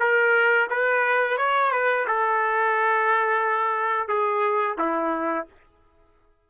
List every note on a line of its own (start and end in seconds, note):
0.00 0.68 A#4
0.70 1.38 B4
1.38 1.72 C#5
1.72 2.06 B4
2.08 4.08 A4
4.08 4.77 G#4
4.78 5.46 E4